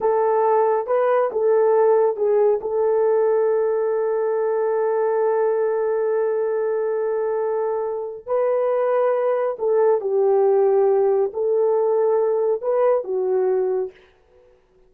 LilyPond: \new Staff \with { instrumentName = "horn" } { \time 4/4 \tempo 4 = 138 a'2 b'4 a'4~ | a'4 gis'4 a'2~ | a'1~ | a'1~ |
a'2. b'4~ | b'2 a'4 g'4~ | g'2 a'2~ | a'4 b'4 fis'2 | }